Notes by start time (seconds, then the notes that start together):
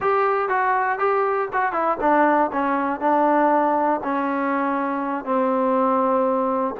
0.00 G4
0.48 F#4
0.99 G4
1.52 F#4
1.72 E4
2.00 D4
2.52 C#4
3.00 D4
4.03 C#4
5.25 C4